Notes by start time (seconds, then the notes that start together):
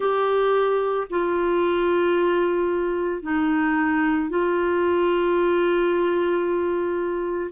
0.00 G4
1.10 F4
3.22 D#4
4.29 F4